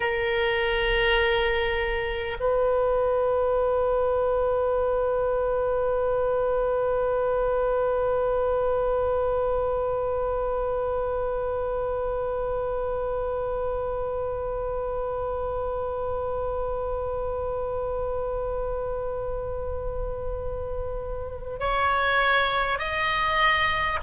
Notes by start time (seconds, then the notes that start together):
0.00 A#4
2.40 B4
21.59 C#5
22.78 D#5